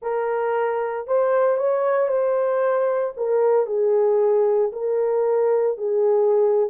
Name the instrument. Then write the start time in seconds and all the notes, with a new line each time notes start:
horn
0.02 A#4
1.07 C5
1.57 C#5
2.08 C5
3.16 A#4
3.66 G#4
4.72 A#4
5.77 G#4